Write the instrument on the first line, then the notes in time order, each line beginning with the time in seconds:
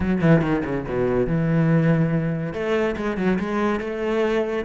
cello
0.00 F#3
0.21 E3
0.41 D#3
0.65 C#3
0.88 B2
1.27 E3
2.53 A3
2.96 G#3
3.17 F#3
3.39 G#3
3.80 A3